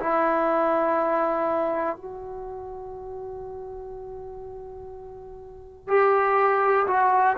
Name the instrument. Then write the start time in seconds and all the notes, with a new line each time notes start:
trombone
0.00 E4
1.97 F#4
5.88 G4
6.87 F#4